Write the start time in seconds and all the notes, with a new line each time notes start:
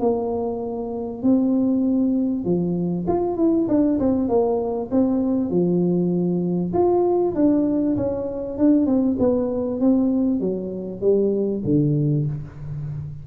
0.00 A#3
1.22 C4
2.44 F3
3.08 F4
3.37 E4
3.68 D4
3.99 C4
4.29 A#3
4.91 C4
5.50 F3
6.73 F4
7.35 D4
7.97 C#4
8.57 D4
8.86 C4
9.19 B3
9.80 C4
10.40 F#3
11.01 G3
11.64 D3